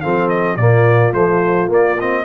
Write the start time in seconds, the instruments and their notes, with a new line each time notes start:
0.00 tuba F3, trombone C4, horn A4, trumpet F5
0.28 trumpet D#5
0.56 tuba A#2, trombone A#3, horn F4, trumpet D5
1.13 trombone F3, tuba A3, trumpet C5
1.68 trombone A#3, tuba A#3, trumpet D5
2.00 trombone C4, trumpet D#5